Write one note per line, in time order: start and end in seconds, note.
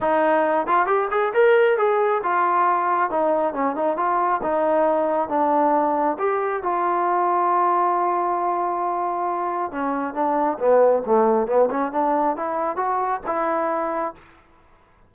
0.00 0.66 D#4
0.66 0.86 F4
0.86 1.08 G4
1.10 1.32 G#4
1.33 1.77 A#4
1.77 2.21 G#4
2.23 3.10 F4
3.10 3.53 D#4
3.53 3.75 C#4
3.75 3.96 D#4
3.96 4.41 F4
4.42 5.29 D#4
5.29 6.17 D4
6.18 6.62 G4
6.62 9.71 F4
9.71 10.14 C#4
10.14 10.58 D4
10.58 11.03 B3
11.06 11.47 A3
11.47 11.69 B3
11.70 11.92 C#4
11.92 12.36 D4
12.36 12.76 E4
12.76 13.20 F#4
13.26 14.14 E4